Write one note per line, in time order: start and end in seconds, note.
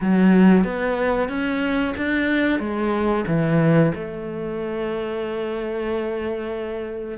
0.01 0.64 F#3
0.64 1.28 B3
1.28 1.94 C#4
1.97 2.59 D4
2.59 3.24 G#3
3.27 3.92 E3
3.95 7.17 A3